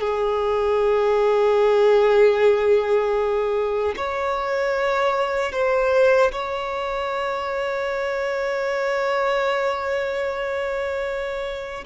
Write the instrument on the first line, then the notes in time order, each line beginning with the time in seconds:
violin
0.00 G#4
3.97 C#5
5.52 C5
6.32 C#5